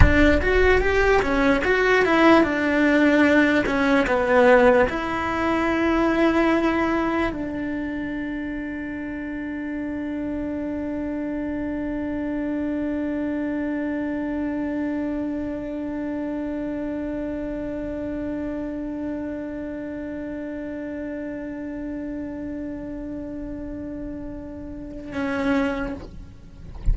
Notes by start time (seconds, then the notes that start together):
0.00 D4
0.41 F#4
0.80 G4
1.22 C#4
1.64 F#4
2.04 E4
2.43 D4
3.66 C#4
4.07 B3
4.89 E4
7.32 D4
25.12 C#4